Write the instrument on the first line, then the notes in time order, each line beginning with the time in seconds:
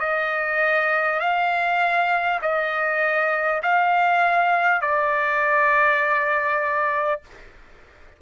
trumpet
0.00 D#5
1.20 F5
2.42 D#5
3.62 F5
4.82 D5